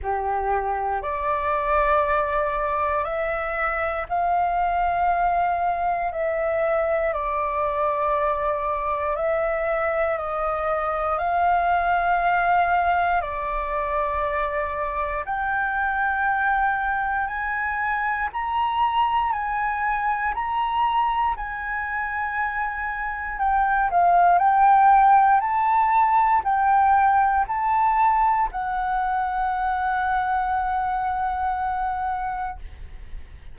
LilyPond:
\new Staff \with { instrumentName = "flute" } { \time 4/4 \tempo 4 = 59 g'4 d''2 e''4 | f''2 e''4 d''4~ | d''4 e''4 dis''4 f''4~ | f''4 d''2 g''4~ |
g''4 gis''4 ais''4 gis''4 | ais''4 gis''2 g''8 f''8 | g''4 a''4 g''4 a''4 | fis''1 | }